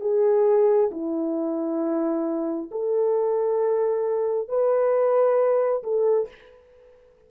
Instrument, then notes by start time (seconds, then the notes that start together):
horn
0.00 G#4
0.91 E4
2.71 A4
4.48 B4
5.83 A4